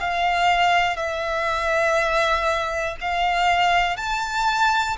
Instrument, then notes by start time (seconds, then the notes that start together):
violin
0.00 F5
0.97 E5
3.01 F5
3.97 A5